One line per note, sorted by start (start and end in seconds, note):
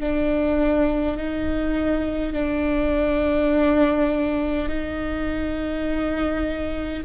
0.00 1.17 D4
1.17 2.33 D#4
2.33 4.68 D4
4.69 7.04 D#4